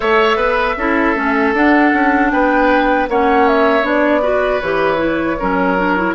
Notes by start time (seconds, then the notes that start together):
0.00 A3 A4 C#5 E5
0.36 B3 B4
0.77 C#4 E4 A4
1.15 A3 C#4
1.53 D4 F#5
1.93 C#4
2.30 B3 B4 G5
3.08 A#3 C#4 C#5 F#5
3.47 E5
3.82 B3 D4 D5
4.21 F#4 B4
4.61 E3 G4 C#5
4.97 E4
5.39 F#3 C#4 A#4
5.78 D4
5.97 E4